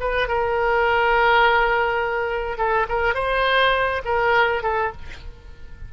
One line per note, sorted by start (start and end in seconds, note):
0.00 0.28 B4
0.28 2.57 A#4
2.57 2.86 A4
2.89 3.15 A#4
3.15 4.02 C5
4.05 4.63 A#4
4.63 4.92 A4